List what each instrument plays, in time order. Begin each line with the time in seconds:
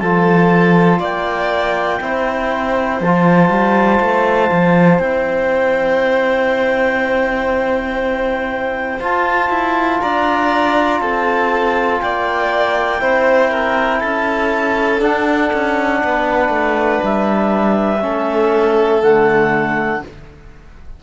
0.00 cello F3, trombone F4, violin A4, clarinet A5
1.00 cello A#3, violin D5, clarinet G5
2.01 cello C4, trombone E4, violin C5
3.01 cello F3, trombone F4, clarinet A5
3.50 cello G3
4.01 cello A3
4.52 cello F3
4.99 cello C4, trombone E4, clarinet G5
9.00 trombone F4, cello F4, clarinet A5
9.50 cello E4
10.02 cello D4, violin D5, clarinet A#5
11.01 cello C4, violin A4, clarinet A5
12.02 cello A#3, violin D5, clarinet G5
13.00 cello C4, trombone E4, violin C5
13.51 violin A#4
14.00 cello C#4, violin A4, clarinet A5
14.99 trombone D4, cello D4, clarinet F#5
15.54 cello C#4
16.04 cello B3, violin B4
16.49 cello A3
17.03 cello G3, clarinet E5
18.02 cello A3, trombone C#4, violin A4
19.02 cello D3, trombone A3, clarinet F#5